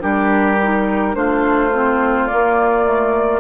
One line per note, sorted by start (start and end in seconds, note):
0.00 1.15 G3
0.00 0.57 D4
0.00 1.15 G4
0.00 1.15 A#4
0.62 1.13 D#4
1.13 2.28 A3
1.13 1.70 D4
1.13 3.40 F4
1.13 2.27 C5
1.73 2.29 C4
2.27 2.85 A#3
2.27 3.40 A#3
2.27 3.40 D5
2.85 3.40 A3